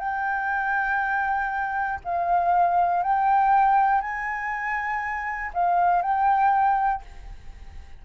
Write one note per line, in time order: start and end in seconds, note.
0.00 2.00 G5
2.05 3.03 F5
3.03 4.01 G5
4.01 5.51 G#5
5.54 6.02 F5
6.02 7.02 G5